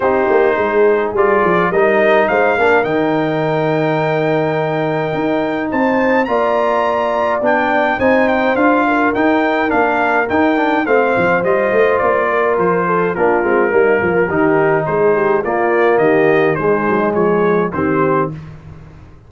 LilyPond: <<
  \new Staff \with { instrumentName = "trumpet" } { \time 4/4 \tempo 4 = 105 c''2 d''4 dis''4 | f''4 g''2.~ | g''2 a''4 ais''4~ | ais''4 g''4 gis''8 g''8 f''4 |
g''4 f''4 g''4 f''4 | dis''4 d''4 c''4 ais'4~ | ais'2 c''4 d''4 | dis''4 c''4 cis''4 c''4 | }
  \new Staff \with { instrumentName = "horn" } { \time 4/4 g'4 gis'2 ais'4 | c''8 ais'2.~ ais'8~ | ais'2 c''4 d''4~ | d''2 c''4. ais'8~ |
ais'2. c''4~ | c''4. ais'4 a'8 f'4 | dis'8 f'8 g'4 gis'8 g'8 f'4 | g'4 dis'4 gis'4 g'4 | }
  \new Staff \with { instrumentName = "trombone" } { \time 4/4 dis'2 f'4 dis'4~ | dis'8 d'8 dis'2.~ | dis'2. f'4~ | f'4 d'4 dis'4 f'4 |
dis'4 d'4 dis'8 d'8 c'4 | f'2. d'8 c'8 | ais4 dis'2 ais4~ | ais4 gis2 c'4 | }
  \new Staff \with { instrumentName = "tuba" } { \time 4/4 c'8 ais8 gis4 g8 f8 g4 | gis8 ais8 dis2.~ | dis4 dis'4 c'4 ais4~ | ais4 b4 c'4 d'4 |
dis'4 ais4 dis'4 a8 f8 | g8 a8 ais4 f4 ais8 gis8 | g8 f8 dis4 gis4 ais4 | dis4 gis8 fis8 f4 dis4 | }
>>